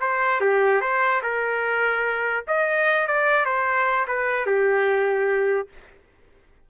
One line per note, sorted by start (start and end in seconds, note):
0.00 0.41 C5
0.41 0.81 G4
0.81 1.22 C5
1.23 2.44 A#4
2.47 3.07 D#5
3.07 3.45 D5
3.45 4.06 C5
4.07 4.46 B4
4.46 5.68 G4